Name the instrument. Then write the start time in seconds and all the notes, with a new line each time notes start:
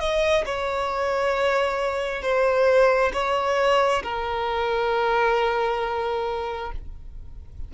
violin
0.00 D#5
0.46 C#5
2.22 C5
3.13 C#5
4.03 A#4